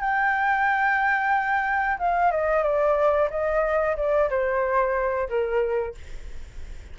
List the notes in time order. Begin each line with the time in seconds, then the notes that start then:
0.00 G5
1.99 F5
2.31 D#5
2.63 D5
3.30 D#5
3.97 D5
4.29 C5
5.29 A#4